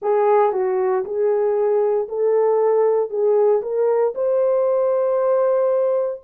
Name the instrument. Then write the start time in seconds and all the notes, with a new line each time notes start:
horn
0.01 G#4
0.52 F#4
1.04 G#4
2.08 A4
3.09 G#4
3.62 A#4
4.14 C5